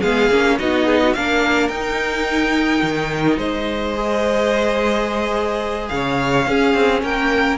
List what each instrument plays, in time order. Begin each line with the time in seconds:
0.00 cello G#3, viola B3, violin G#4 F5
0.30 cello A#3, viola C#4
0.58 cello B3, viola D#4, violin F#4 D#5
0.85 violin G#4
1.02 violin F#4
1.13 cello A#3, viola D4, violin A#4 F5
1.68 cello D#4, viola D#4, violin G5
2.82 cello D#3
3.37 cello G#3, violin C5 D#5
3.94 viola G#4
5.88 cello C#3, violin F5
5.94 violin C#5
6.46 cello C#4, viola C#4, violin G#4
6.74 cello C4
7.02 cello A#3, violin A#4 G5